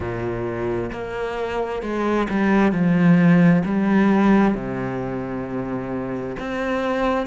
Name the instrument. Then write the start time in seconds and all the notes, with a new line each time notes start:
cello
0.00 A#2
0.91 A#3
1.82 G#3
2.29 G3
2.71 F3
3.65 G3
4.54 C3
6.39 C4